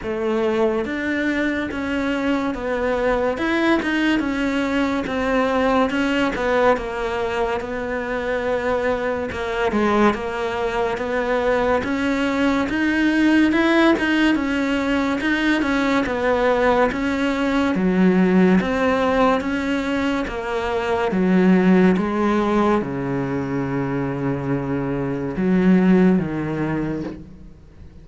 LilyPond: \new Staff \with { instrumentName = "cello" } { \time 4/4 \tempo 4 = 71 a4 d'4 cis'4 b4 | e'8 dis'8 cis'4 c'4 cis'8 b8 | ais4 b2 ais8 gis8 | ais4 b4 cis'4 dis'4 |
e'8 dis'8 cis'4 dis'8 cis'8 b4 | cis'4 fis4 c'4 cis'4 | ais4 fis4 gis4 cis4~ | cis2 fis4 dis4 | }